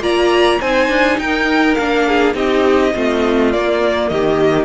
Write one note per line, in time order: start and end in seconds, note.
0.00 0.58 A#3
0.00 0.60 F4
0.00 0.60 D5
0.00 0.61 A#5
0.60 0.88 C4
0.60 1.79 D#4
0.60 1.18 C5
0.60 1.19 G#5
0.88 1.18 D4
1.18 1.76 D#4
1.18 2.08 A#4
1.18 1.75 G5
1.75 2.34 A#3
1.75 2.34 D4
1.75 2.33 F5
2.08 2.35 G#4
2.34 2.92 C4
2.34 2.92 D#4
2.34 2.93 G4
2.34 3.52 D#5
2.94 3.54 A3
2.94 3.53 C4
2.94 4.11 F4
3.52 4.65 A#3
3.52 4.10 A#3
3.52 4.09 D5
4.09 4.65 D#3
4.09 4.65 G4
4.09 4.65 D#5